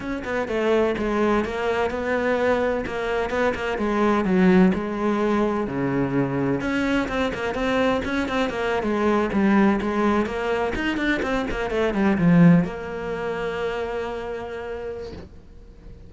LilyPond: \new Staff \with { instrumentName = "cello" } { \time 4/4 \tempo 4 = 127 cis'8 b8 a4 gis4 ais4 | b2 ais4 b8 ais8 | gis4 fis4 gis2 | cis2 cis'4 c'8 ais8 |
c'4 cis'8 c'8 ais8. gis4 g16~ | g8. gis4 ais4 dis'8 d'8 c'16~ | c'16 ais8 a8 g8 f4 ais4~ ais16~ | ais1 | }